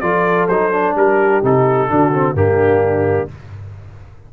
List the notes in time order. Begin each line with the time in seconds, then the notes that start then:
0.00 F3 F4 A4 D5
0.48 F#3 D#4 C5
0.72 D4
0.95 G3 G4 A#4
1.43 C3 D#4 A4
1.89 D3 D4 F#4
2.14 C4
2.34 G2 A#3 D4 G4